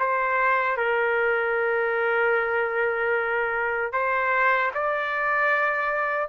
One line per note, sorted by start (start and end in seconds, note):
0.00 0.78 C5
0.78 3.93 A#4
3.93 4.72 C5
4.74 6.29 D5